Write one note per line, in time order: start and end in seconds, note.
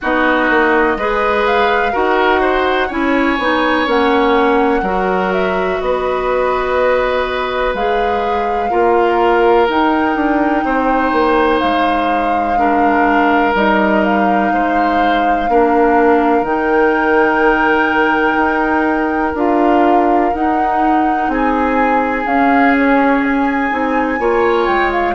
0.01 0.50 B3
0.01 0.98 D#4
0.01 0.97 F#4
0.01 1.46 D#5
0.50 0.96 A#3
0.96 1.93 G#3
0.96 1.92 G#4
0.96 1.92 B4
1.46 1.94 F5
1.92 2.90 D#4
1.92 2.89 F#4
1.92 2.40 A#4
1.92 2.91 F#5
2.41 2.87 C5
2.87 3.38 C#4
2.87 3.37 E4
2.87 4.81 C#5
2.87 3.87 G#5
3.38 3.86 B3
3.38 3.86 D#4
3.86 4.82 A#3
3.86 4.83 C#4
3.86 5.32 F#5
4.82 5.78 F#3
4.82 7.75 F#4
4.82 5.79 A#4
5.32 5.80 E5
5.80 7.74 B3
5.80 8.70 B4
5.80 7.74 D#5
7.74 8.70 G#3
7.74 8.70 G#4
7.74 9.68 F5
8.70 9.68 A#3
8.70 9.67 F4
8.70 10.64 A#4
9.68 10.15 D#4
9.68 12.56 D#4
9.68 11.59 G5
10.15 10.63 D4
10.64 11.12 C4
10.64 12.58 C5
11.12 11.60 A#3
11.59 13.54 G#3
11.59 13.52 F5
12.56 13.53 D4
12.56 14.52 A#4
13.54 14.51 G3
13.54 15.47 D#4
13.54 14.04 D#5
14.04 16.44 F5
14.52 15.48 G#3
14.52 15.50 C5
15.48 16.42 A#3
15.48 16.45 D4
15.48 21.31 A#4
16.42 18.35 D#3
16.42 19.35 D#4
16.42 19.34 G5
18.36 19.33 D#4
19.34 20.30 D4
19.34 20.32 F4
19.34 20.33 F5
20.33 21.28 D#4
20.33 22.25 D#4
20.33 21.30 F#5
21.28 22.25 C4
21.28 24.20 G#4
21.28 22.26 G#5
22.25 23.69 C#4
22.25 23.71 C#4
22.25 22.75 F5
22.78 23.23 C#5
23.23 24.67 G#5
23.69 24.19 C4
23.69 24.18 D#4
24.19 24.67 A#3
24.19 25.15 F4
24.19 25.15 C#5
24.67 25.15 G#3
24.67 24.91 G5
24.92 25.15 F5